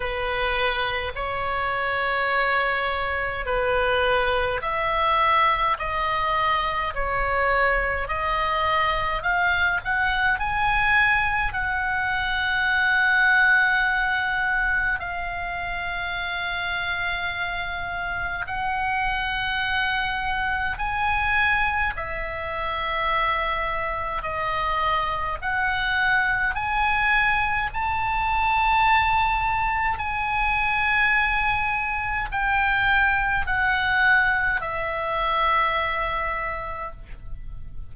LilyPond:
\new Staff \with { instrumentName = "oboe" } { \time 4/4 \tempo 4 = 52 b'4 cis''2 b'4 | e''4 dis''4 cis''4 dis''4 | f''8 fis''8 gis''4 fis''2~ | fis''4 f''2. |
fis''2 gis''4 e''4~ | e''4 dis''4 fis''4 gis''4 | a''2 gis''2 | g''4 fis''4 e''2 | }